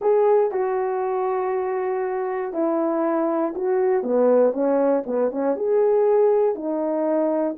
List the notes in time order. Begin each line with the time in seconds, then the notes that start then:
0.01 G#4
0.51 F#4
2.53 E4
3.55 F#4
4.03 B3
4.52 C#4
5.06 B3
5.31 C#4
5.56 G#4
6.55 D#4